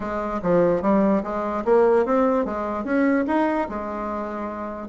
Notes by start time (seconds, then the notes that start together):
0.00 G#3
0.42 F3
0.81 G3
1.23 G#3
1.65 A#3
2.05 C4
2.45 G#3
2.84 C#4
3.27 D#4
3.69 G#3